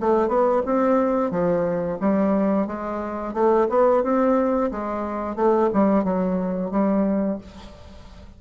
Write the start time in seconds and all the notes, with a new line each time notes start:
0.00 A3
0.28 B3
0.66 C4
1.31 F3
2.00 G3
2.67 G#3
3.34 A3
3.69 B3
4.03 C4
4.71 G#3
5.36 A3
5.73 G3
6.04 F#3
6.71 G3